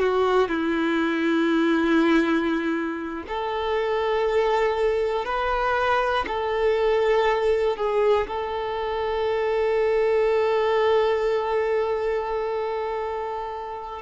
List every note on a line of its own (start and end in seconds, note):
0.00 0.49 F#4
0.49 3.24 E4
3.29 5.26 A4
5.26 6.26 B4
6.28 7.77 A4
7.77 8.27 G#4
8.28 14.02 A4